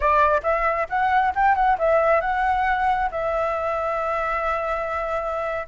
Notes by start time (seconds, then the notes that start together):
0.00 D5
0.43 E5
0.89 F#5
1.35 G5
1.55 F#5
1.78 E5
2.20 F#5
3.11 E5